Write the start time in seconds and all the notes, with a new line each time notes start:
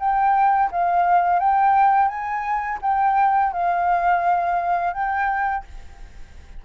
0.00 G5
0.72 F5
1.40 G5
2.09 G#5
2.82 G5
3.53 F5
4.94 G5